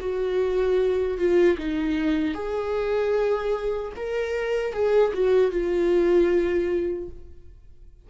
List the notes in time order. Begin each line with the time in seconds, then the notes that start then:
0.00 F#4
1.18 F4
1.58 D#4
2.34 G#4
3.97 A#4
4.73 G#4
5.14 F#4
5.51 F4